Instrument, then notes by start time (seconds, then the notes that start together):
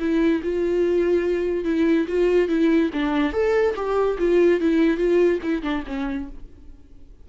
viola
0.00 E4
0.43 F4
1.65 E4
2.08 F4
2.49 E4
2.94 D4
3.33 A4
3.76 G4
4.19 F4
4.61 E4
4.98 F4
5.43 E4
5.63 D4
5.87 C#4